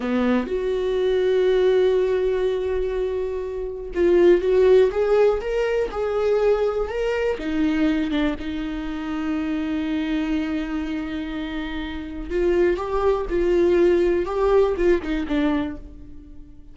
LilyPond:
\new Staff \with { instrumentName = "viola" } { \time 4/4 \tempo 4 = 122 b4 fis'2.~ | fis'1 | f'4 fis'4 gis'4 ais'4 | gis'2 ais'4 dis'4~ |
dis'8 d'8 dis'2.~ | dis'1~ | dis'4 f'4 g'4 f'4~ | f'4 g'4 f'8 dis'8 d'4 | }